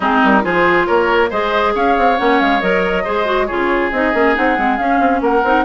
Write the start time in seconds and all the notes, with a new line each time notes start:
0.00 G#3 C4 D#4 G#4
0.23 G3 A#4
0.42 F3 F4 G#4 C5
0.86 A#3 A#4 C#5
1.29 G#3 G#4 C5 D#5
1.74 C#4 C#5 F5
1.97 C4
2.17 A#3 C#4 F#5
2.40 G#3 F5
2.61 F#3 A#4 D#5
3.04 G#3 G#4 C5
3.25 F#4
3.46 C#3 F4 G#4 C#5
3.91 C4 D#4 D#5
4.12 A#3 C#4
4.34 C4 D#4 F#5
4.56 G#3 C4
4.77 C#4 F5
4.99 C4
5.21 A#3 A#4 F#5
5.43 C4 D#4